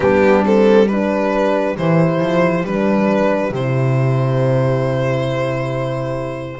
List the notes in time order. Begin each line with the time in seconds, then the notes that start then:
0.00 G3 B3 D4 G4
0.43 C4 A4
0.87 D4 G4 B4
1.77 E3 E4 C5
2.20 F3
2.63 G3 D4 B4
3.50 C3 E4 C5